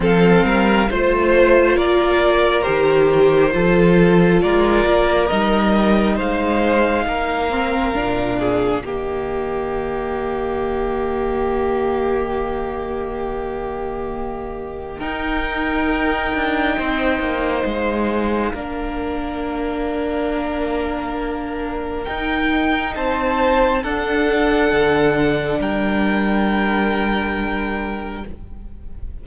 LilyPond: <<
  \new Staff \with { instrumentName = "violin" } { \time 4/4 \tempo 4 = 68 f''4 c''4 d''4 c''4~ | c''4 d''4 dis''4 f''4~ | f''2 dis''2~ | dis''1~ |
dis''4 g''2. | f''1~ | f''4 g''4 a''4 fis''4~ | fis''4 g''2. | }
  \new Staff \with { instrumentName = "violin" } { \time 4/4 a'8 ais'8 c''4 ais'2 | a'4 ais'2 c''4 | ais'4. gis'8 g'2~ | g'1~ |
g'4 ais'2 c''4~ | c''4 ais'2.~ | ais'2 c''4 a'4~ | a'4 ais'2. | }
  \new Staff \with { instrumentName = "viola" } { \time 4/4 c'4 f'2 g'4 | f'2 dis'2~ | dis'8 c'8 d'4 ais2~ | ais1~ |
ais4 dis'2.~ | dis'4 d'2.~ | d'4 dis'2 d'4~ | d'1 | }
  \new Staff \with { instrumentName = "cello" } { \time 4/4 f8 g8 a4 ais4 dis4 | f4 gis8 ais8 g4 gis4 | ais4 ais,4 dis2~ | dis1~ |
dis4 dis'4. d'8 c'8 ais8 | gis4 ais2.~ | ais4 dis'4 c'4 d'4 | d4 g2. | }
>>